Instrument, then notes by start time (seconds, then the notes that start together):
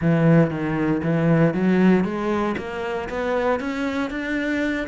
cello
0.01 E3
0.50 D#3
1.03 E3
1.54 F#3
2.04 G#3
2.57 A#3
3.09 B3
3.60 C#4
4.10 D4